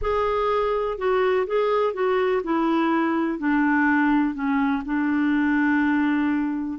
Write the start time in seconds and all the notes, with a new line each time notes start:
0.01 G#4
0.98 F#4
1.46 G#4
1.93 F#4
2.43 E4
3.38 D4
4.34 C#4
4.85 D4